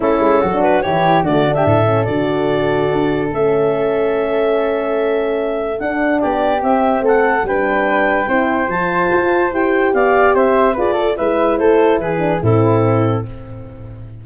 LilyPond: <<
  \new Staff \with { instrumentName = "clarinet" } { \time 4/4 \tempo 4 = 145 a'4. b'8 cis''4 d''8. e''16~ | e''4 d''2. | e''1~ | e''2 fis''4 d''4 |
e''4 fis''4 g''2~ | g''4 a''2 g''4 | f''4 e''4 d''4 e''4 | c''4 b'4 a'2 | }
  \new Staff \with { instrumentName = "flute" } { \time 4/4 e'4 fis'4 g'4 fis'8. g'16 | a'1~ | a'1~ | a'2. g'4~ |
g'4 a'4 b'2 | c''1 | d''4 c''4 b'8 a'8 b'4 | a'4 gis'4 e'2 | }
  \new Staff \with { instrumentName = "horn" } { \time 4/4 cis'4~ cis'16 d'8. e'4 a8 d'8~ | d'8 cis'8 fis'2. | cis'1~ | cis'2 d'2 |
c'2 d'2 | e'4 f'2 g'4~ | g'2 gis'8 a'8 e'4~ | e'4. d'8 c'2 | }
  \new Staff \with { instrumentName = "tuba" } { \time 4/4 a8 gis8 fis4 e4 d4 | a,4 d2 d'4 | a1~ | a2 d'4 b4 |
c'4 a4 g2 | c'4 f4 f'4 e'4 | b4 c'4 f'4 gis4 | a4 e4 a,2 | }
>>